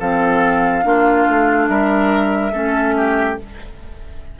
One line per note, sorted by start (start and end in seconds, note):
0.00 0.85 F3
0.00 0.83 C4
0.00 0.85 A4
0.00 1.67 F5
0.83 1.27 A#3
0.83 2.52 D4
0.83 1.70 F4
1.28 1.69 A3
1.67 2.53 G3
1.67 2.52 A#4
1.67 3.36 E5
2.52 3.37 A3
2.52 3.37 C#4
2.52 2.95 A4
2.97 3.40 G4